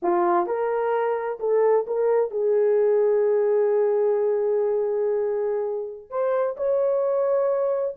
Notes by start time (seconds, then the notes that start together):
0.02 F4
0.46 A#4
1.39 A4
1.87 A#4
2.31 G#4
6.09 C5
6.56 C#5